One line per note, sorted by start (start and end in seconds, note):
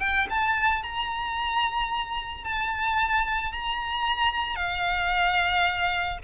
0.00 0.27 G5
0.30 0.83 A5
0.83 2.44 A#5
2.44 3.53 A5
3.53 4.56 A#5
4.56 6.18 F5